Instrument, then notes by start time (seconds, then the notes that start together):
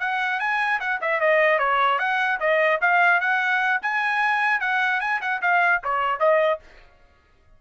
trumpet
0.00 F#5
0.39 G#5
0.80 F#5
1.01 E5
1.20 D#5
1.59 C#5
1.99 F#5
2.40 D#5
2.81 F5
3.20 F#5
3.82 G#5
4.60 F#5
5.00 G#5
5.21 F#5
5.42 F5
5.84 C#5
6.19 D#5